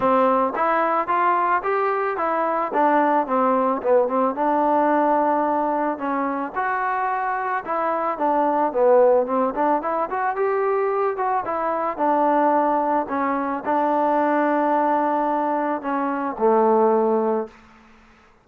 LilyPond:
\new Staff \with { instrumentName = "trombone" } { \time 4/4 \tempo 4 = 110 c'4 e'4 f'4 g'4 | e'4 d'4 c'4 b8 c'8 | d'2. cis'4 | fis'2 e'4 d'4 |
b4 c'8 d'8 e'8 fis'8 g'4~ | g'8 fis'8 e'4 d'2 | cis'4 d'2.~ | d'4 cis'4 a2 | }